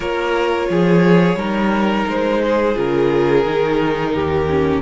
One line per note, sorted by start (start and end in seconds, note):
0.00 0.69 A#3
0.00 1.36 F4
0.00 0.67 A#4
0.00 2.06 C#5
0.69 1.35 F3
0.69 1.38 G#4
1.35 2.04 G3
1.35 2.75 D#4
1.35 2.42 A#4
2.07 2.76 G#3
2.07 2.78 C5
2.43 4.14 G#4
2.75 3.45 C#3
2.75 3.44 F4
2.75 4.81 A#4
3.44 4.14 D#3
3.44 4.47 D#4
4.14 4.81 D#2
4.14 4.81 G4
4.49 4.81 C#4